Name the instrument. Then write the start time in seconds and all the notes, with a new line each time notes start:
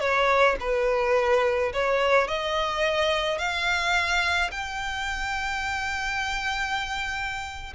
violin
0.00 C#5
0.60 B4
1.73 C#5
2.28 D#5
3.38 F5
4.51 G5